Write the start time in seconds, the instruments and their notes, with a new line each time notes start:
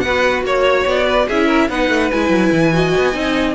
0.00 cello B3, violin B4 F#5
0.06 viola F#4
0.44 cello A#3, violin C#5
0.86 cello B3, violin D5
1.06 violin B4
1.27 cello C#4, viola E4, violin G#4 E5
1.46 violin A#4
1.69 cello B3, viola D#4, violin B4 F#5
1.89 cello A3
2.11 cello G#3, viola E4, violin G#5
2.29 cello F#3
2.52 cello E3
2.72 viola F#4, violin D#5
2.97 cello B3
3.12 cello C4, viola D#4